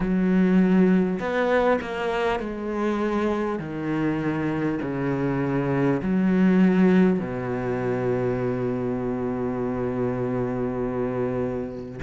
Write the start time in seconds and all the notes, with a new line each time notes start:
0.00 F#3
1.19 B3
1.81 A#3
2.39 G#3
3.59 D#3
4.81 C#3
6.02 F#3
7.19 B2